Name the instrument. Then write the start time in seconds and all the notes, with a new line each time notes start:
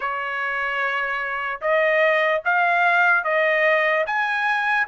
trumpet
0.00 C#5
1.61 D#5
2.44 F5
3.24 D#5
4.06 G#5